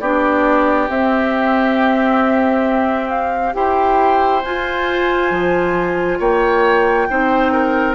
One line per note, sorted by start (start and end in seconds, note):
0.00 0.89 B3
0.00 0.89 D4
0.00 3.54 G4
0.00 0.88 D5
0.89 3.53 C4
0.89 3.54 C4
0.89 3.10 E5
3.10 3.54 F5
3.53 4.43 E4
3.53 4.42 G4
3.53 6.19 C5
3.53 4.42 G5
4.42 5.31 F4
4.42 7.10 F4
4.42 6.19 G#5
5.31 6.19 F3
6.19 7.08 A#3
6.19 7.07 C#5
6.19 7.95 G5
7.10 7.95 C4
7.10 7.95 D#4
7.10 7.53 C5
7.53 7.95 A#4